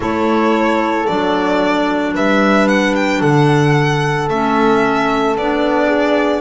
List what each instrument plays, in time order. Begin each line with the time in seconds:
0.00 double bass A3, clarinet E4, horn A4, violin C#5
1.06 double bass F#3, clarinet D4, violin D5
2.14 double bass G3, horn B4, violin E5
2.67 violin F#5
2.95 violin G5
3.20 double bass D3, horn A4, violin F#5
4.28 double bass A3, clarinet C#4, violin E5
5.35 double bass B3, clarinet D4, violin D5
5.87 horn G#4